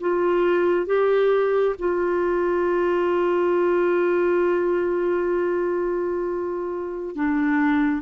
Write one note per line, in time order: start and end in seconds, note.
0.00 0.86 F4
0.86 1.75 G4
1.79 7.15 F4
7.15 8.02 D4